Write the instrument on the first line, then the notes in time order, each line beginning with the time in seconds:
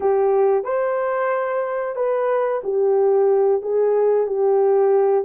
horn
0.00 G4
0.64 C5
1.95 B4
2.63 G4
3.62 G#4
4.26 G4